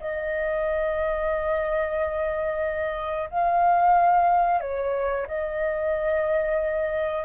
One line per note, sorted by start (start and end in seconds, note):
0.00 3.30 D#5
3.30 4.60 F5
4.60 5.26 C#5
5.27 7.25 D#5